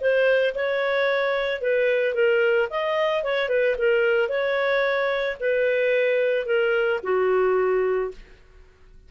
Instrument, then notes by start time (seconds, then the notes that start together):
clarinet
0.00 C5
0.55 C#5
1.61 B4
2.14 A#4
2.70 D#5
3.23 C#5
3.49 B4
3.78 A#4
4.29 C#5
5.40 B4
6.46 A#4
7.03 F#4